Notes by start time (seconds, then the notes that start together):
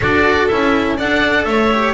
0.00 D4 F#4 A4 D5
0.47 C#4 E4 E5
0.96 D4 A4 D5 F#5
1.44 A3 C#5 E5
1.72 G4